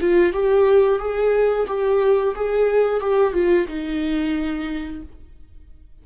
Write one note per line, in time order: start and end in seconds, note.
0.00 0.32 F4
0.32 0.99 G4
0.99 1.66 G#4
1.67 2.34 G4
2.35 3.00 G#4
3.00 3.33 G4
3.33 3.66 F4
3.67 5.02 D#4